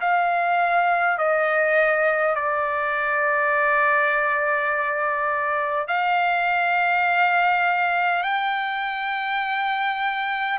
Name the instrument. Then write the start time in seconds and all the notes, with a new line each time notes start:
trumpet
0.00 F5
1.18 D#5
2.35 D5
5.87 F5
8.23 G5